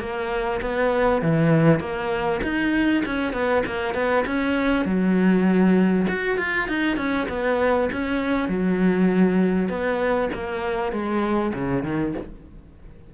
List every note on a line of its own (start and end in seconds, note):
0.00 0.61 A#3
0.62 1.22 B3
1.22 1.80 E3
1.80 2.40 A#3
2.43 3.04 D#4
3.06 3.33 C#4
3.33 3.63 B3
3.66 3.94 A#3
3.94 4.25 B3
4.26 4.86 C#4
4.86 6.07 F#3
6.09 6.38 F#4
6.38 6.68 F4
6.69 6.97 D#4
6.97 7.28 C#4
7.29 7.90 B3
7.93 8.49 C#4
8.49 9.69 F#3
9.69 10.30 B3
10.34 10.92 A#3
10.92 11.53 G#3
11.54 11.84 C#3
11.84 12.14 D#3